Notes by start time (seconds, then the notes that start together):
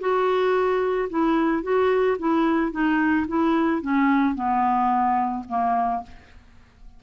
0.00 F#4
1.10 E4
1.63 F#4
2.19 E4
2.72 D#4
3.28 E4
3.82 C#4
4.35 B3
5.48 A#3